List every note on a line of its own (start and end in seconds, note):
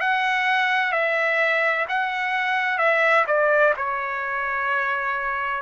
0.00 0.92 F#5
0.92 1.86 E5
1.88 2.78 F#5
2.78 3.25 E5
3.27 3.74 D5
3.77 5.62 C#5